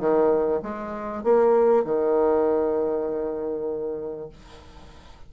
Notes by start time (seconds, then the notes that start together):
0.00 D#3
0.63 G#3
1.24 A#3
1.85 D#3